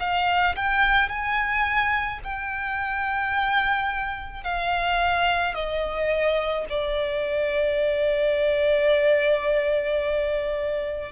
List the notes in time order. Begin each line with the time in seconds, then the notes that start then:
0.00 F5
0.56 G5
1.09 G#5
2.24 G5
4.44 F5
5.55 D#5
6.69 D5